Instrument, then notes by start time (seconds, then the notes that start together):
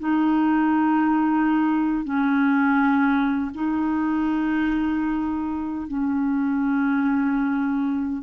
clarinet
0.00 D#4
2.04 C#4
3.55 D#4
5.88 C#4